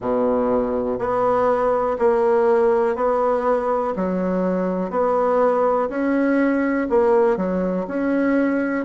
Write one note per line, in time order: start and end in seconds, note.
0.00 0.98 B2
0.98 1.97 B3
1.99 2.95 A#3
2.95 3.93 B3
3.96 4.90 F#3
4.90 5.88 B3
5.89 6.87 C#4
6.89 7.36 A#3
7.36 7.86 F#3
7.87 8.84 C#4